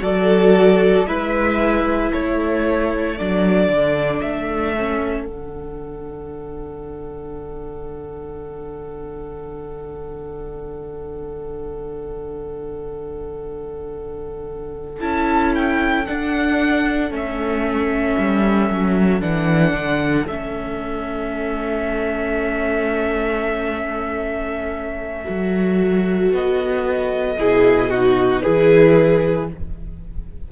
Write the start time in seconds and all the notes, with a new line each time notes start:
0.00 F#3 F#4 A4 D5
1.06 G#3 E4 B4 E5
2.11 A3 A4 C#5
3.17 F#3 D4 D5
3.68 D3
4.20 A3 E5
4.77 C#4
5.25 D3 D4 F#5
15.00 C#4 E4 A5
15.55 G5
16.06 D4 F#5
17.10 A3 C#4 E5
18.18 G3
18.70 F#3
19.20 E3 D4 F#5
19.73 D3
20.27 A3 C#4 E5
25.25 F#3 F#4
26.32 B3 D#5
27.38 B2 E4 G#4
27.89 D#4 F#4
28.42 E3 E4 G#4 B4